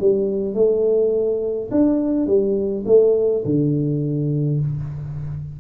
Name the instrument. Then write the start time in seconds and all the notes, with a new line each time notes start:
tuba
0.00 G3
0.54 A3
1.71 D4
2.26 G3
2.86 A3
3.45 D3